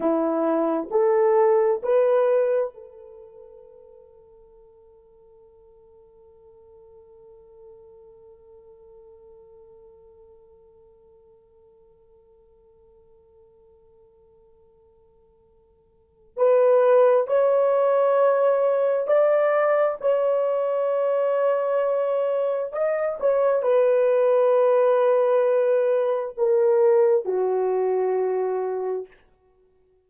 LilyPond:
\new Staff \with { instrumentName = "horn" } { \time 4/4 \tempo 4 = 66 e'4 a'4 b'4 a'4~ | a'1~ | a'1~ | a'1~ |
a'2 b'4 cis''4~ | cis''4 d''4 cis''2~ | cis''4 dis''8 cis''8 b'2~ | b'4 ais'4 fis'2 | }